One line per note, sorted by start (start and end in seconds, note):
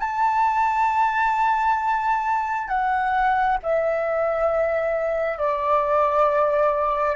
0.00 2.68 A5
2.68 3.58 F#5
3.63 5.39 E5
5.39 7.16 D5